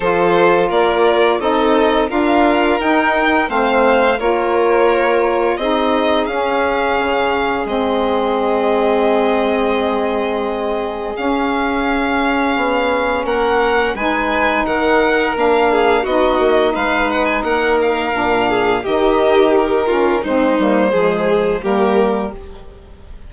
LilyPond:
<<
  \new Staff \with { instrumentName = "violin" } { \time 4/4 \tempo 4 = 86 c''4 d''4 dis''4 f''4 | g''4 f''4 cis''2 | dis''4 f''2 dis''4~ | dis''1 |
f''2. fis''4 | gis''4 fis''4 f''4 dis''4 | f''8 fis''16 gis''16 fis''8 f''4. dis''4 | ais'4 c''2 ais'4 | }
  \new Staff \with { instrumentName = "violin" } { \time 4/4 a'4 ais'4 a'4 ais'4~ | ais'4 c''4 ais'2 | gis'1~ | gis'1~ |
gis'2. ais'4 | b'4 ais'4. gis'8 fis'4 | b'4 ais'4. gis'8 g'4~ | g'8 f'8 dis'4 gis'4 g'4 | }
  \new Staff \with { instrumentName = "saxophone" } { \time 4/4 f'2 dis'4 f'4 | dis'4 c'4 f'2 | dis'4 cis'2 c'4~ | c'1 |
cis'1 | dis'2 d'4 dis'4~ | dis'2 d'4 dis'4~ | dis'8 cis'8 c'8 ais8 gis4 ais4 | }
  \new Staff \with { instrumentName = "bassoon" } { \time 4/4 f4 ais4 c'4 d'4 | dis'4 a4 ais2 | c'4 cis'4 cis4 gis4~ | gis1 |
cis'2 b4 ais4 | gis4 dis4 ais4 b8 ais8 | gis4 ais4 ais,4 dis4~ | dis4 gis8 g8 f4 g4 | }
>>